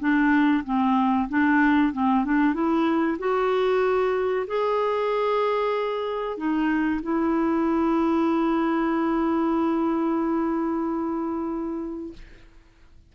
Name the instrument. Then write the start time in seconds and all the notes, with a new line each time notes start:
clarinet
0.00 D4
0.65 C4
1.29 D4
1.93 C4
2.25 D4
2.54 E4
3.19 F#4
4.47 G#4
6.37 D#4
7.02 E4